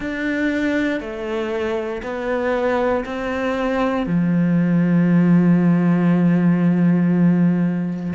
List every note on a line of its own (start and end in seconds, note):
0.00 1.00 D4
1.00 2.02 A3
2.02 3.04 B3
3.05 4.06 C4
4.06 8.13 F3